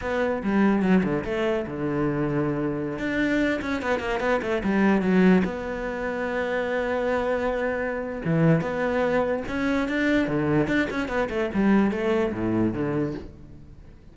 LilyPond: \new Staff \with { instrumentName = "cello" } { \time 4/4 \tempo 4 = 146 b4 g4 fis8 d8 a4 | d2.~ d16 d'8.~ | d'8. cis'8 b8 ais8 b8 a8 g8.~ | g16 fis4 b2~ b8.~ |
b1 | e4 b2 cis'4 | d'4 d4 d'8 cis'8 b8 a8 | g4 a4 a,4 d4 | }